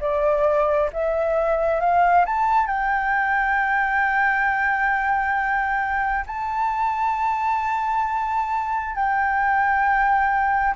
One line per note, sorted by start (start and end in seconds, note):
0.00 0.90 D5
0.92 1.80 E5
1.80 2.25 F5
2.25 2.66 A5
2.66 6.24 G5
6.26 8.95 A5
8.95 10.74 G5